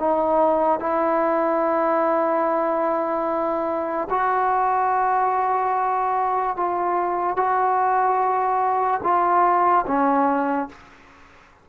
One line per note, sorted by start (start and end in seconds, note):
0.00 0.80 D#4
0.80 4.09 E4
4.11 6.57 F#4
6.57 7.37 F4
7.37 9.01 F#4
9.03 9.86 F4
9.87 10.69 C#4